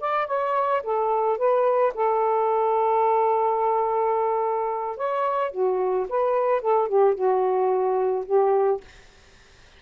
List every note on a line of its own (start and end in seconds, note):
0.00 0.27 D5
0.27 0.82 C#5
0.83 1.38 A4
1.38 1.93 B4
1.94 4.97 A4
4.97 5.51 C#5
5.51 6.07 F#4
6.09 6.61 B4
6.61 6.88 A4
6.88 7.15 G4
7.15 8.25 F#4
8.25 8.80 G4